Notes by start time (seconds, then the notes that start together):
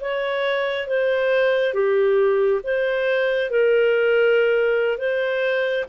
0.00 C#5
0.87 C5
1.74 G4
2.63 C5
3.50 A#4
4.98 C5